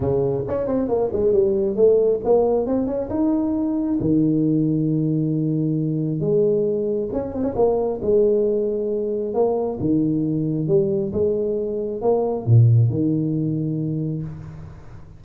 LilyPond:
\new Staff \with { instrumentName = "tuba" } { \time 4/4 \tempo 4 = 135 cis4 cis'8 c'8 ais8 gis8 g4 | a4 ais4 c'8 cis'8 dis'4~ | dis'4 dis2.~ | dis2 gis2 |
cis'8 c'16 cis'16 ais4 gis2~ | gis4 ais4 dis2 | g4 gis2 ais4 | ais,4 dis2. | }